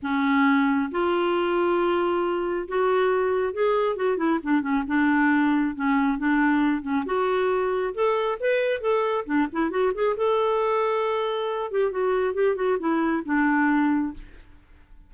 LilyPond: \new Staff \with { instrumentName = "clarinet" } { \time 4/4 \tempo 4 = 136 cis'2 f'2~ | f'2 fis'2 | gis'4 fis'8 e'8 d'8 cis'8 d'4~ | d'4 cis'4 d'4. cis'8 |
fis'2 a'4 b'4 | a'4 d'8 e'8 fis'8 gis'8 a'4~ | a'2~ a'8 g'8 fis'4 | g'8 fis'8 e'4 d'2 | }